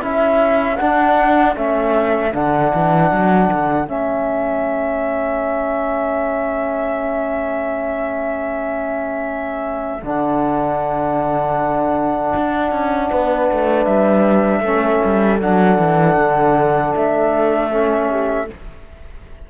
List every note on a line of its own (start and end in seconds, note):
0.00 0.79 C#4
0.00 0.77 E4
0.00 13.08 A4
0.00 0.76 E5
0.76 1.55 D4
0.76 1.56 D4
0.76 1.53 F#5
1.55 2.33 A3
1.55 2.32 C#4
1.55 2.34 E5
2.32 2.72 D3
2.32 3.86 D4
2.32 3.88 F#5
2.74 3.11 E3
3.11 3.50 F#3
3.52 3.88 D3
3.86 10.03 A3
3.86 10.01 C#4
3.86 10.03 E5
10.02 12.33 D3
10.02 14.64 D4
10.02 13.84 F#5
12.35 12.72 D4
12.72 13.10 C#4
13.09 13.51 B3
13.09 14.63 B4
13.51 13.86 A3
13.84 14.60 G3
13.84 15.38 E5
14.60 14.99 A3
14.60 15.41 C#4
14.60 18.09 A4
15.04 15.42 G3
15.40 15.78 F#3
15.40 17.71 D4
15.40 16.94 F#5
15.78 16.16 E3
16.16 16.93 D3
16.95 18.50 A3
16.95 18.49 E5
17.71 18.48 C#4
18.09 18.48 G4